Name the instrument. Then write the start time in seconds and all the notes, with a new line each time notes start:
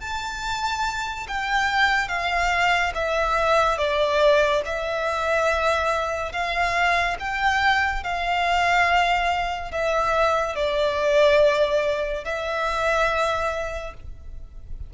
violin
0.00 A5
1.28 G5
2.08 F5
2.95 E5
3.78 D5
4.66 E5
6.32 F5
7.19 G5
8.04 F5
9.71 E5
10.56 D5
12.25 E5